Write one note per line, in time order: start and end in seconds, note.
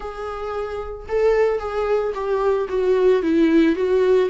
0.00 1.06 G#4
1.08 1.59 A4
1.59 2.13 G#4
2.14 2.68 G4
2.69 3.22 F#4
3.22 3.75 E4
3.75 4.29 F#4